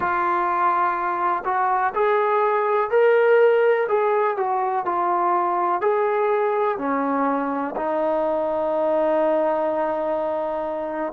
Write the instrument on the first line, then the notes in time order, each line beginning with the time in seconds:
trombone
0.00 F4
1.45 F#4
1.94 G#4
2.90 A#4
3.88 G#4
4.36 F#4
4.85 F4
5.81 G#4
6.77 C#4
7.76 D#4